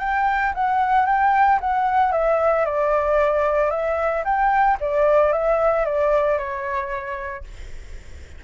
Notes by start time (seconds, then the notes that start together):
0.00 G5
0.55 F#5
1.06 G5
1.60 F#5
2.12 E5
2.66 D5
3.71 E5
4.25 G5
4.81 D5
5.33 E5
5.86 D5
6.38 C#5